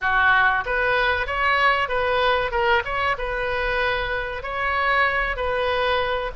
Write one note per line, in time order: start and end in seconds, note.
0.01 0.64 F#4
0.65 1.26 B4
1.26 1.88 C#5
1.88 2.51 B4
2.51 2.82 A#4
2.84 3.16 C#5
3.18 4.42 B4
4.42 5.36 C#5
5.36 6.31 B4